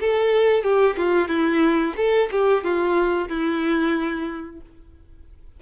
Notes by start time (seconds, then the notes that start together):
0.00 A4
0.63 G4
0.97 F4
1.28 E4
1.96 A4
2.31 G4
2.63 F4
3.28 E4